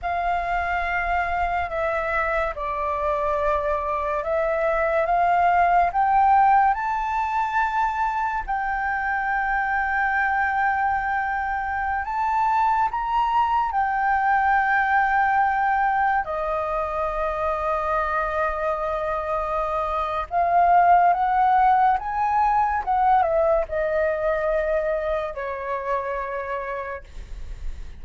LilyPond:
\new Staff \with { instrumentName = "flute" } { \time 4/4 \tempo 4 = 71 f''2 e''4 d''4~ | d''4 e''4 f''4 g''4 | a''2 g''2~ | g''2~ g''16 a''4 ais''8.~ |
ais''16 g''2. dis''8.~ | dis''1 | f''4 fis''4 gis''4 fis''8 e''8 | dis''2 cis''2 | }